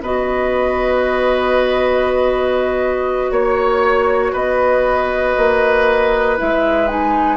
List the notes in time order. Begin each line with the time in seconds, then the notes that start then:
0.00 B3 F#4 B4 D#5
3.31 A#3 C#5
4.32 B3 B4 D#5
5.37 A#3
6.37 G#3 E4 E5
6.87 D#4 G#5